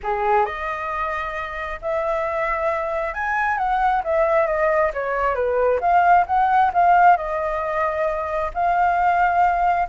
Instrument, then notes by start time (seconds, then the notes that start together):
flute
0.03 G#4
0.45 D#5
1.81 E5
3.13 G#5
3.57 F#5
4.04 E5
4.47 D#5
4.93 C#5
5.34 B4
5.80 F5
6.27 F#5
6.73 F5
7.16 D#5
8.53 F5